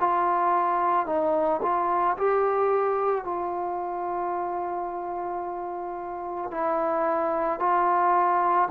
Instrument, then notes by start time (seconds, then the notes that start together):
trombone
0.00 F4
1.06 D#4
1.62 F4
2.17 G4
3.24 F4
6.51 E4
7.60 F4